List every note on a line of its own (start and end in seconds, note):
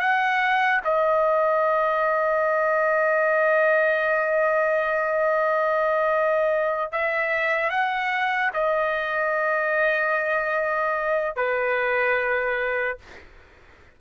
0.00 0.81 F#5
0.84 6.92 D#5
6.92 7.70 E5
7.70 8.51 F#5
8.54 11.36 D#5
11.36 12.98 B4